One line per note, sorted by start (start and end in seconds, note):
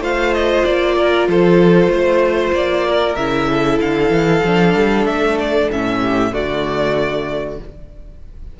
0.00 0.63 A3
0.00 3.17 F4
0.00 0.96 C5
0.00 0.33 F5
0.33 0.64 D#5
0.64 1.28 A#3
0.64 1.28 D5
0.97 1.28 A#4
1.28 1.88 F3
1.28 1.92 A4
1.28 2.54 C5
1.88 2.51 A3
1.88 2.87 C5
2.52 3.15 A#3
2.52 3.15 D5
2.88 3.50 A#4
3.15 3.79 C#3
3.15 4.44 E4
3.15 3.78 E5
3.50 6.00 A4
3.80 4.10 D3
3.80 5.06 F5
4.10 4.42 E3
4.44 4.75 F3
4.44 5.72 D4
4.75 5.06 G3
5.06 5.69 A3
5.06 5.38 E5
5.39 5.71 D5
5.71 6.33 A2
5.71 6.32 C#4
5.71 6.34 E5
6.00 6.31 G4
6.32 7.59 D3
6.32 7.58 A3
6.32 7.60 F#4
6.32 7.60 D5